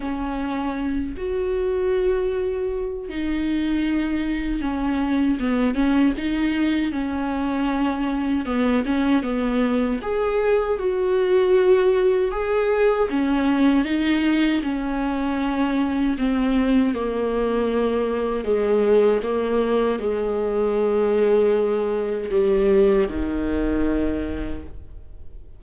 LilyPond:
\new Staff \with { instrumentName = "viola" } { \time 4/4 \tempo 4 = 78 cis'4. fis'2~ fis'8 | dis'2 cis'4 b8 cis'8 | dis'4 cis'2 b8 cis'8 | b4 gis'4 fis'2 |
gis'4 cis'4 dis'4 cis'4~ | cis'4 c'4 ais2 | gis4 ais4 gis2~ | gis4 g4 dis2 | }